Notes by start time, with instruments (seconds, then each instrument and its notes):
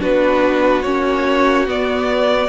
0.00 cello B3, viola D4, violin F#4 B4
0.83 cello A#3, viola C#4, violin C#5
1.67 viola B3, cello B3, violin D5